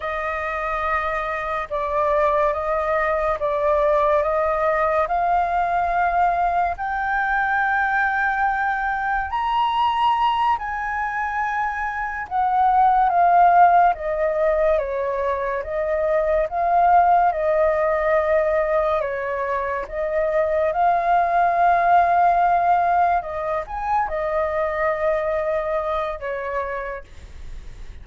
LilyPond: \new Staff \with { instrumentName = "flute" } { \time 4/4 \tempo 4 = 71 dis''2 d''4 dis''4 | d''4 dis''4 f''2 | g''2. ais''4~ | ais''8 gis''2 fis''4 f''8~ |
f''8 dis''4 cis''4 dis''4 f''8~ | f''8 dis''2 cis''4 dis''8~ | dis''8 f''2. dis''8 | gis''8 dis''2~ dis''8 cis''4 | }